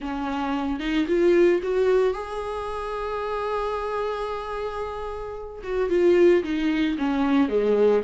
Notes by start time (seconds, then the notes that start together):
0.00 C#4
0.79 D#4
1.07 F4
1.62 F#4
2.13 G#4
5.63 F#4
5.89 F4
6.43 D#4
6.98 C#4
7.49 G#3